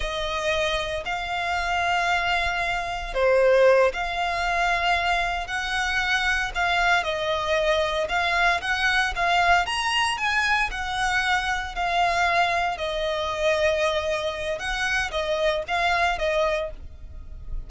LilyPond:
\new Staff \with { instrumentName = "violin" } { \time 4/4 \tempo 4 = 115 dis''2 f''2~ | f''2 c''4. f''8~ | f''2~ f''8 fis''4.~ | fis''8 f''4 dis''2 f''8~ |
f''8 fis''4 f''4 ais''4 gis''8~ | gis''8 fis''2 f''4.~ | f''8 dis''2.~ dis''8 | fis''4 dis''4 f''4 dis''4 | }